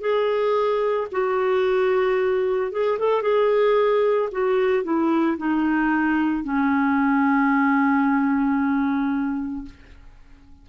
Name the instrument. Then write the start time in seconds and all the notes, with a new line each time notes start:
clarinet
0.00 G#4
1.12 F#4
2.71 G#4
2.99 A4
3.22 G#4
4.31 F#4
4.83 E4
5.38 D#4
6.43 C#4